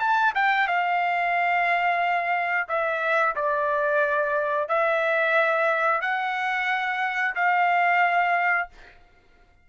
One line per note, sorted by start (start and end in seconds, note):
0.00 0.33 A5
0.35 0.68 G5
0.68 2.68 F5
2.69 3.36 E5
3.36 4.69 D5
4.69 6.02 E5
6.02 7.35 F#5
7.36 8.69 F5